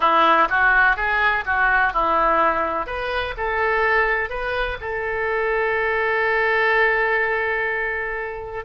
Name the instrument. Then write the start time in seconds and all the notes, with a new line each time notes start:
oboe
0.00 E4
0.49 F#4
0.96 G#4
1.45 F#4
1.93 E4
2.86 B4
3.37 A4
4.29 B4
4.80 A4